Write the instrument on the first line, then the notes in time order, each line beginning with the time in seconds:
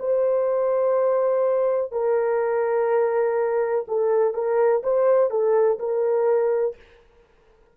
horn
0.00 C5
1.92 A#4
3.88 A4
4.34 A#4
4.83 C5
5.30 A4
5.79 A#4